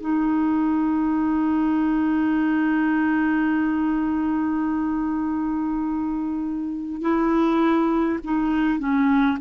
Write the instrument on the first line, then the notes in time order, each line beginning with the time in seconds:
clarinet
0.00 D#4
7.01 E4
8.24 D#4
8.79 C#4